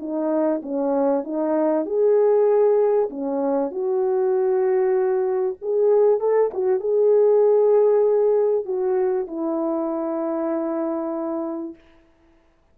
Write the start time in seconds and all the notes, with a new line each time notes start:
0.00 D#4
0.63 C#4
1.24 D#4
1.86 G#4
3.10 C#4
3.71 F#4
5.62 G#4
6.20 A4
6.54 F#4
6.80 G#4
8.66 F#4
9.28 E4